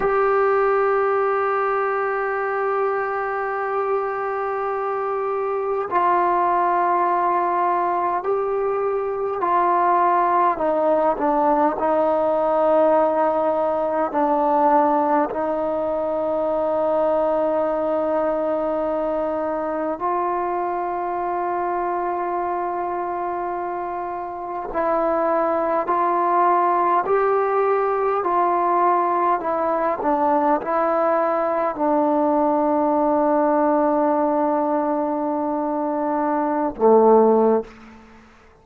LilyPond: \new Staff \with { instrumentName = "trombone" } { \time 4/4 \tempo 4 = 51 g'1~ | g'4 f'2 g'4 | f'4 dis'8 d'8 dis'2 | d'4 dis'2.~ |
dis'4 f'2.~ | f'4 e'4 f'4 g'4 | f'4 e'8 d'8 e'4 d'4~ | d'2.~ d'16 a8. | }